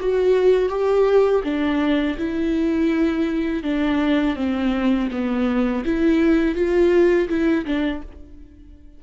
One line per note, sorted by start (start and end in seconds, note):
0.00 0.69 F#4
0.69 1.42 G4
1.43 2.17 D4
2.18 3.63 E4
3.63 4.35 D4
4.35 5.09 C4
5.11 5.84 B3
5.85 6.55 E4
6.55 7.28 F4
7.28 7.65 E4
7.65 8.02 D4